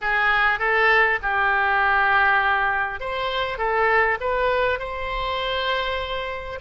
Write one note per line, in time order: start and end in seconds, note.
0.01 0.59 G#4
0.59 1.19 A4
1.22 3.00 G4
3.00 3.58 C5
3.58 4.18 A4
4.20 4.79 B4
4.79 6.59 C5